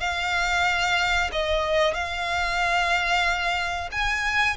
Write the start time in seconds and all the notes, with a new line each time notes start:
0.00 F5
1.32 D#5
1.94 F5
3.91 G#5